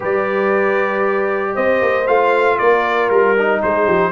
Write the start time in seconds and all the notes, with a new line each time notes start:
0.00 G3 G4 B4 D5
1.54 C4 C5 D#5
1.81 A#3
2.06 A3 F4 F5
2.58 A#3 A#4 D5
3.09 G3 A#4
3.37 D#4
3.62 G#3 G#4 C5
3.85 F3 G4